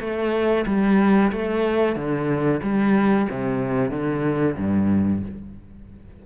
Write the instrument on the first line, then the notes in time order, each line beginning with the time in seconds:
cello
0.00 A3
0.66 G3
1.32 A3
1.95 D3
2.62 G3
3.30 C3
3.90 D3
4.57 G2